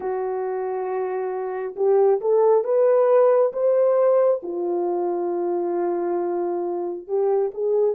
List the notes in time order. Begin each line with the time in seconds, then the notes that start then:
0.00 F#4
1.76 G4
2.20 A4
2.64 B4
3.53 C5
4.42 F4
7.07 G4
7.54 G#4